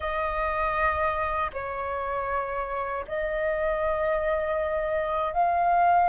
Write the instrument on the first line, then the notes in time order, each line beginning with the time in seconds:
flute
0.00 D#5
1.53 C#5
3.07 D#5
5.33 F5